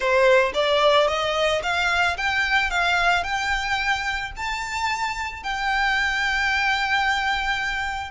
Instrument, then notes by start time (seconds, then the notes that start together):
violin
0.00 C5
0.54 D5
1.07 D#5
1.62 F5
2.17 G5
2.70 F5
3.23 G5
4.36 A5
5.43 G5